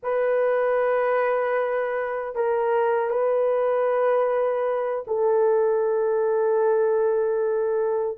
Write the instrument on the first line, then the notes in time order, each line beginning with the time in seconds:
horn
0.02 B4
2.35 A#4
3.10 B4
5.06 A4